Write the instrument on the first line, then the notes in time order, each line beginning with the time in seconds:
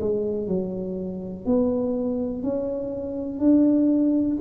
tuba
0.00 G#3
0.47 F#3
1.46 B3
2.43 C#4
3.39 D4